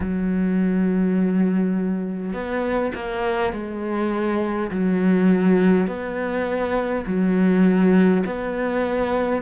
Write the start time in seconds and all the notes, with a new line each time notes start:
0.00 F#3
2.33 B3
2.94 A#3
3.52 G#3
4.71 F#3
5.87 B3
7.06 F#3
8.25 B3